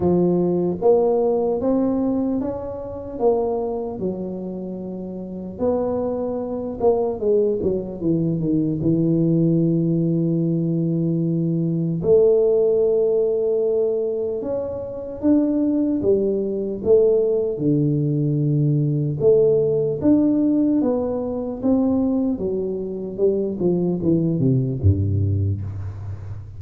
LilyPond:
\new Staff \with { instrumentName = "tuba" } { \time 4/4 \tempo 4 = 75 f4 ais4 c'4 cis'4 | ais4 fis2 b4~ | b8 ais8 gis8 fis8 e8 dis8 e4~ | e2. a4~ |
a2 cis'4 d'4 | g4 a4 d2 | a4 d'4 b4 c'4 | fis4 g8 f8 e8 c8 g,4 | }